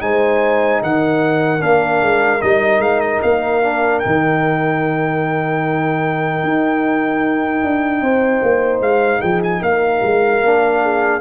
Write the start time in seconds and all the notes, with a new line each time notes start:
0.00 G#3 D#4 C5 G#5
0.82 D#3 A#4 F#5
1.59 A#3 D4 F5
2.02 G#3
2.42 G3 D#4 D#5
2.79 G#3 F5
3.00 D#5
3.22 A#3 F5
3.63 D4
3.99 D#4 G5
4.05 D#3
6.43 D#4
7.64 D4
8.01 C4 C5
8.42 A#3
8.80 G#3 F5
9.20 F3 G#4 G5
9.43 G#5
9.61 A#3 A#4 F5
10.03 G#3
10.42 A#3 D4
10.82 G#4